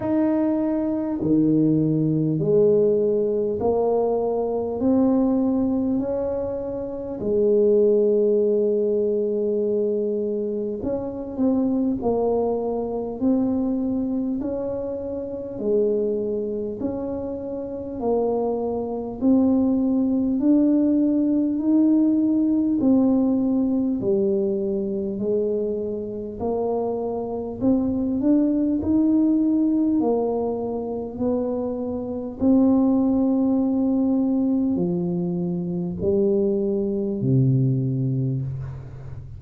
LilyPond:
\new Staff \with { instrumentName = "tuba" } { \time 4/4 \tempo 4 = 50 dis'4 dis4 gis4 ais4 | c'4 cis'4 gis2~ | gis4 cis'8 c'8 ais4 c'4 | cis'4 gis4 cis'4 ais4 |
c'4 d'4 dis'4 c'4 | g4 gis4 ais4 c'8 d'8 | dis'4 ais4 b4 c'4~ | c'4 f4 g4 c4 | }